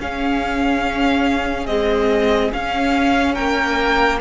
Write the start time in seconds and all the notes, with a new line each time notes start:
0.00 C#4 G#4 F5
1.67 G#3 C4 D#5
2.52 C#4 F5
3.35 A#3 A#4 G5